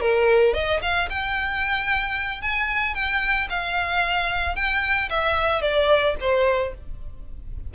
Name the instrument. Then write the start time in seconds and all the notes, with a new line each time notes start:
violin
0.00 A#4
0.53 D#5
0.82 F5
1.09 G5
2.42 G#5
2.94 G5
3.49 F5
4.55 G5
5.09 E5
5.61 D5
6.20 C5